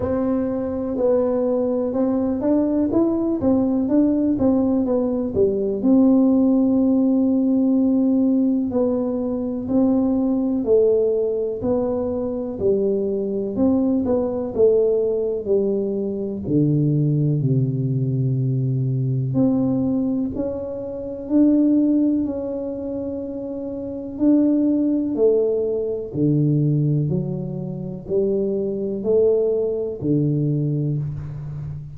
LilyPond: \new Staff \with { instrumentName = "tuba" } { \time 4/4 \tempo 4 = 62 c'4 b4 c'8 d'8 e'8 c'8 | d'8 c'8 b8 g8 c'2~ | c'4 b4 c'4 a4 | b4 g4 c'8 b8 a4 |
g4 d4 c2 | c'4 cis'4 d'4 cis'4~ | cis'4 d'4 a4 d4 | fis4 g4 a4 d4 | }